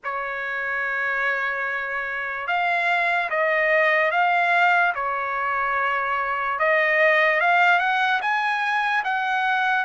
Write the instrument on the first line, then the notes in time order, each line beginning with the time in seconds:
trumpet
0.04 C#5
2.47 F5
3.30 D#5
4.11 F5
4.95 C#5
6.59 D#5
7.40 F5
7.79 F#5
8.21 G#5
9.04 F#5